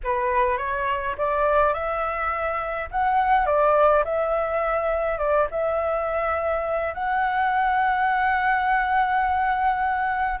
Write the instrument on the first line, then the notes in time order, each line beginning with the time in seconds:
flute
0.03 B4
0.57 C#5
1.17 D5
1.73 E5
2.91 F#5
3.46 D5
4.04 E5
5.18 D5
5.50 E5
6.94 F#5